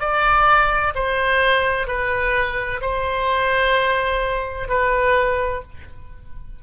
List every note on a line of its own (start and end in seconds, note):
0.00 0.94 D5
0.95 1.87 C5
1.87 2.81 B4
2.81 4.68 C5
4.68 5.62 B4